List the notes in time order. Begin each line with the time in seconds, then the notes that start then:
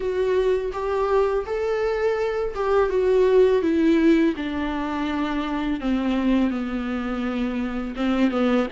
0.00 F#4
0.72 G4
1.46 A4
2.55 G4
2.89 F#4
3.61 E4
4.36 D4
5.80 C4
6.50 B3
7.96 C4
8.30 B3